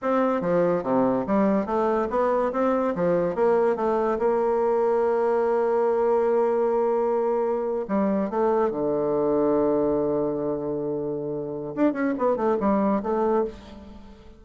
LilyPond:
\new Staff \with { instrumentName = "bassoon" } { \time 4/4 \tempo 4 = 143 c'4 f4 c4 g4 | a4 b4 c'4 f4 | ais4 a4 ais2~ | ais1~ |
ais2~ ais8. g4 a16~ | a8. d2.~ d16~ | d1 | d'8 cis'8 b8 a8 g4 a4 | }